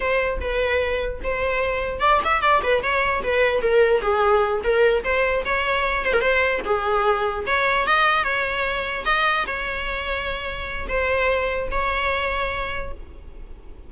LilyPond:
\new Staff \with { instrumentName = "viola" } { \time 4/4 \tempo 4 = 149 c''4 b'2 c''4~ | c''4 d''8 e''8 d''8 b'8 cis''4 | b'4 ais'4 gis'4. ais'8~ | ais'8 c''4 cis''4. c''16 ais'16 c''8~ |
c''8 gis'2 cis''4 dis''8~ | dis''8 cis''2 dis''4 cis''8~ | cis''2. c''4~ | c''4 cis''2. | }